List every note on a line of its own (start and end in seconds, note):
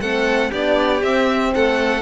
0.00 0.51 A3
0.00 0.52 C4
0.00 0.50 A4
0.00 0.51 F#5
0.50 1.02 B3
0.50 1.01 D4
0.50 1.51 G4
0.50 1.02 D5
1.01 2.01 C4
1.01 1.53 C4
1.01 1.53 E5
1.54 2.01 A3
1.54 2.01 A4
1.54 2.01 F#5